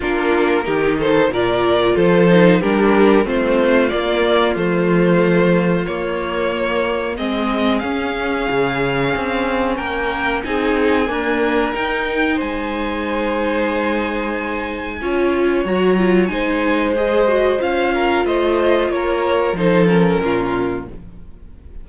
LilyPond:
<<
  \new Staff \with { instrumentName = "violin" } { \time 4/4 \tempo 4 = 92 ais'4. c''8 d''4 c''4 | ais'4 c''4 d''4 c''4~ | c''4 cis''2 dis''4 | f''2. g''4 |
gis''2 g''4 gis''4~ | gis''1 | ais''4 gis''4 dis''4 f''4 | dis''4 cis''4 c''8 ais'4. | }
  \new Staff \with { instrumentName = "violin" } { \time 4/4 f'4 g'8 a'8 ais'4 a'4 | g'4 f'2.~ | f'2. gis'4~ | gis'2. ais'4 |
gis'4 ais'2 c''4~ | c''2. cis''4~ | cis''4 c''2~ c''8 ais'8 | c''4 ais'4 a'4 f'4 | }
  \new Staff \with { instrumentName = "viola" } { \time 4/4 d'4 dis'4 f'4. dis'8 | d'4 c'4 ais4 a4~ | a4 ais2 c'4 | cis'1 |
dis'4 ais4 dis'2~ | dis'2. f'4 | fis'8 f'8 dis'4 gis'8 fis'8 f'4~ | f'2 dis'8 cis'4. | }
  \new Staff \with { instrumentName = "cello" } { \time 4/4 ais4 dis4 ais,4 f4 | g4 a4 ais4 f4~ | f4 ais2 gis4 | cis'4 cis4 c'4 ais4 |
c'4 d'4 dis'4 gis4~ | gis2. cis'4 | fis4 gis2 cis'4 | a4 ais4 f4 ais,4 | }
>>